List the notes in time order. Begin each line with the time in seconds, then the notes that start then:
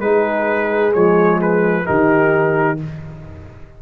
0.00 G#3 D#4 G#4 B4
0.93 F3 G#3 C#5
1.41 B4
1.84 D#3 D#4 G4 A#4